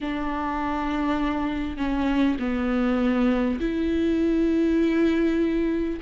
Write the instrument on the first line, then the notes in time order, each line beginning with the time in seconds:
viola
0.01 D4
1.77 C#4
2.39 B3
3.59 E4